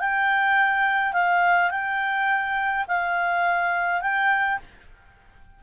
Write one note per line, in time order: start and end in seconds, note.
0.00 1.13 G5
1.13 1.71 F5
1.71 2.86 G5
2.88 4.02 F5
4.02 4.60 G5